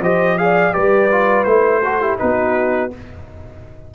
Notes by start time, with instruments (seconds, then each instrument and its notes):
0.00 tuba F3, trombone G4, horn C5, trumpet D#5
0.38 trombone G#4, horn D5, trumpet F5
0.73 tuba G3, trombone G4, horn B4, trumpet D5
1.11 trombone F4
1.44 tuba A3, trombone E4, trumpet C5
1.83 trombone F#4, horn A4
2.01 trombone E4, horn G4
2.18 tuba B3, trombone D#4, horn F#4, trumpet B4